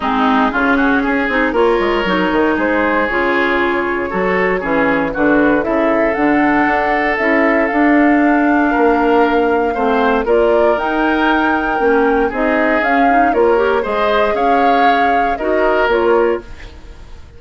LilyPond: <<
  \new Staff \with { instrumentName = "flute" } { \time 4/4 \tempo 4 = 117 gis'2. cis''4~ | cis''4 c''4 cis''2~ | cis''2 b'4 e''4 | fis''2 e''4 f''4~ |
f''1 | d''4 g''2. | dis''4 f''4 cis''4 dis''4 | f''2 dis''4 cis''4 | }
  \new Staff \with { instrumentName = "oboe" } { \time 4/4 dis'4 f'8 fis'8 gis'4 ais'4~ | ais'4 gis'2. | a'4 gis'4 fis'4 a'4~ | a'1~ |
a'4 ais'2 c''4 | ais'1 | gis'2 ais'4 c''4 | cis''2 ais'2 | }
  \new Staff \with { instrumentName = "clarinet" } { \time 4/4 c'4 cis'4. dis'8 f'4 | dis'2 f'2 | fis'4 cis'4 d'4 e'4 | d'2 e'4 d'4~ |
d'2. c'4 | f'4 dis'2 cis'4 | dis'4 cis'8 dis'8 f'8 g'8 gis'4~ | gis'2 fis'4 f'4 | }
  \new Staff \with { instrumentName = "bassoon" } { \time 4/4 gis4 cis4 cis'8 c'8 ais8 gis8 | fis8 dis8 gis4 cis2 | fis4 e4 d4 cis4 | d4 d'4 cis'4 d'4~ |
d'4 ais2 a4 | ais4 dis'2 ais4 | c'4 cis'4 ais4 gis4 | cis'2 dis'4 ais4 | }
>>